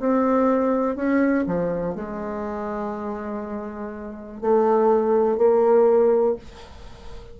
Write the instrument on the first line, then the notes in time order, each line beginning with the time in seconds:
bassoon
0.00 C4
0.96 C#4
1.47 F3
1.95 G#3
4.41 A3
5.37 A#3